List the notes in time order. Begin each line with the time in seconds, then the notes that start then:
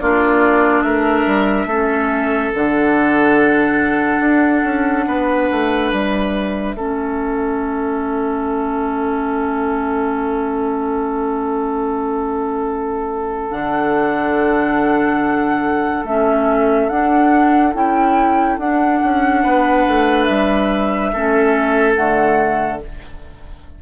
0.00 A#3 D4 F4 D5
0.82 A3 A#4 E5
1.26 G3
1.66 A3 C#4 A4
2.54 D3 D4 F#5
4.20 D4
4.64 C#4
5.07 B3 B4
5.51 A3
5.92 G3 E5
6.75 A3 C#4 A4
13.51 D3 D4 F#5
16.04 A3 C#4 E5
16.89 D4 F#5
17.74 C#4 E4 G5
18.58 D4 F#5
19.04 C#4
19.43 B3 B4
19.87 A3
20.25 G3 E5
21.13 A3 C#4 A4
21.95 D3 A3 F#5